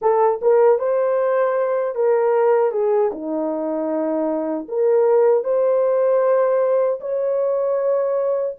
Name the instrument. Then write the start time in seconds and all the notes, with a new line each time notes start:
horn
0.01 A4
0.41 A#4
0.79 C5
1.95 A#4
2.71 G#4
3.12 D#4
4.68 A#4
5.44 C5
7.00 C#5